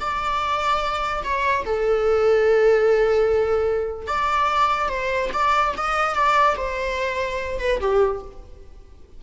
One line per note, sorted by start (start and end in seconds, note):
0.00 1.23 D5
1.24 1.65 C#5
1.65 4.07 A4
4.07 4.89 D5
4.89 5.30 C5
5.33 5.75 D5
5.77 6.15 D#5
6.15 6.56 D5
6.57 7.59 C5
7.59 7.80 B4
7.80 8.22 G4